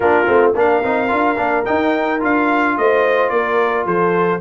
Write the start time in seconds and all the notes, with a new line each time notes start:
0.00 A#3 D4 F4 A#4
0.26 A3 C4
0.54 A#3 D4 A#4 F5
0.83 C4 D#4
1.08 D4 F4
1.37 A#3 D4
1.65 D#4 G5
2.19 D4 F4 F5
2.77 A3 C5 D#5
3.29 A#3 A#4 D5
3.85 F3 A4 C5